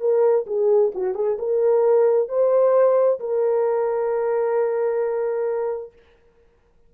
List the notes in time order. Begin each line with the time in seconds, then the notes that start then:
0.00 A#4
0.47 G#4
0.95 F#4
1.15 G#4
1.39 A#4
2.29 C5
3.20 A#4